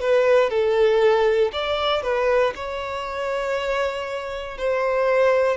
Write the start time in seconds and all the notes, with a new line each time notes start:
0.00 B4
0.49 A4
1.53 D5
2.02 B4
2.55 C#5
4.58 C5